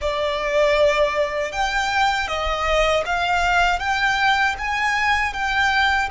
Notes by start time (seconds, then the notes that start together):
0.01 D5
1.52 G5
2.28 D#5
3.05 F5
3.79 G5
4.58 G#5
5.33 G5